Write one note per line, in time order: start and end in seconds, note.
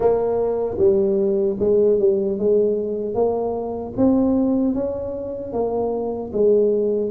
0.00 0.76 A#3
0.78 1.56 G3
1.59 1.99 G#3
1.99 2.38 G3
2.38 3.14 G#3
3.14 3.93 A#3
3.97 4.74 C4
4.74 5.52 C#4
5.52 6.31 A#3
6.32 7.10 G#3